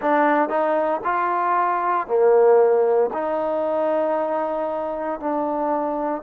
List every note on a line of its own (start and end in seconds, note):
0.01 0.49 D4
0.49 1.01 D#4
1.03 2.07 F4
2.07 3.10 A#3
3.13 5.20 D#4
5.20 6.22 D4